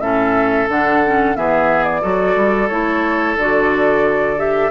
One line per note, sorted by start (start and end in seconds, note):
0.00 0.68 A2
0.00 0.68 C#4
0.00 1.37 A4
0.00 0.67 E5
0.68 1.36 D3
0.68 1.04 D4
0.68 1.36 F#5
1.05 1.35 C#4
1.35 2.03 E3
1.35 2.01 B3
1.35 2.01 G#4
1.35 1.83 E5
1.83 2.67 D5
2.01 2.36 F#3
2.01 2.68 F#4
2.01 4.71 A4
2.36 2.69 G3
2.68 3.36 A3
2.68 3.37 E4
2.68 3.35 C#5
3.36 4.71 D3
3.36 4.37 F#4
3.36 4.39 D5
4.37 4.71 G4
4.37 4.71 E5